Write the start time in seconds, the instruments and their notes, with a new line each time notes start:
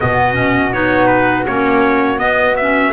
0.00 double bass B2, clarinet B3, flute F#4, trumpet D#5
0.33 clarinet C#4
0.72 double bass B3, clarinet D#4, trumpet C#5
1.07 trumpet B4
1.46 double bass A#3, clarinet C#4, trumpet C#5
2.18 clarinet B3, double bass B3, trumpet D#5
2.56 clarinet C#4, trumpet E5